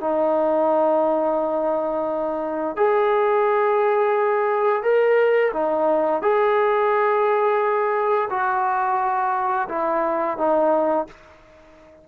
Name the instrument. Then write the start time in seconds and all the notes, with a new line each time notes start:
trombone
0.00 D#4
2.76 G#4
4.82 A#4
5.53 D#4
6.22 G#4
8.30 F#4
9.69 E4
10.38 D#4